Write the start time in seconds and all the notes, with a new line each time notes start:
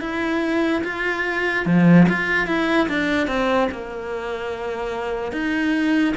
0.00 E4
0.83 F4
1.66 F3
2.08 F4
2.47 E4
2.88 D4
3.27 C4
3.71 A#3
5.32 D#4